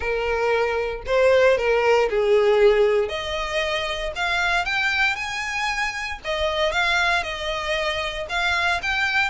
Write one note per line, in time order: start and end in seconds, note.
0.00 1.02 A#4
1.06 1.57 C5
1.57 2.09 A#4
2.10 3.08 G#4
3.08 4.12 D#5
4.15 4.65 F5
4.65 5.15 G5
5.15 6.19 G#5
6.24 6.72 D#5
6.72 7.23 F5
7.23 8.26 D#5
8.29 8.80 F5
8.82 9.30 G5